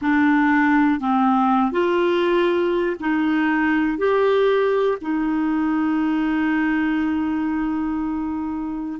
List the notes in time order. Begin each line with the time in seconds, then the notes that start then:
0.01 D4
1.00 C4
1.71 F4
3.00 D#4
3.98 G4
5.00 D#4